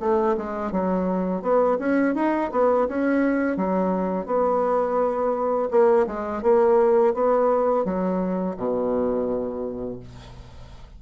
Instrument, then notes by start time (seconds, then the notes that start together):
bassoon
0.00 A3
0.37 G#3
0.71 F#3
1.42 B3
1.79 C#4
2.15 D#4
2.52 B3
2.88 C#4
3.57 F#3
4.26 B3
5.71 A#3
6.07 G#3
6.42 A#3
7.14 B3
7.84 F#3
8.56 B2